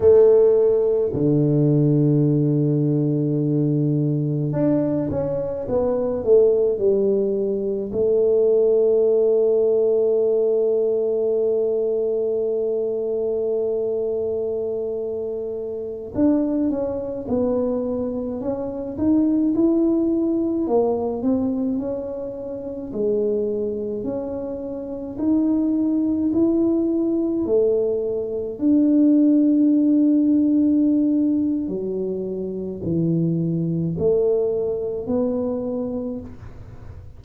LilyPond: \new Staff \with { instrumentName = "tuba" } { \time 4/4 \tempo 4 = 53 a4 d2. | d'8 cis'8 b8 a8 g4 a4~ | a1~ | a2~ a16 d'8 cis'8 b8.~ |
b16 cis'8 dis'8 e'4 ais8 c'8 cis'8.~ | cis'16 gis4 cis'4 dis'4 e'8.~ | e'16 a4 d'2~ d'8. | fis4 e4 a4 b4 | }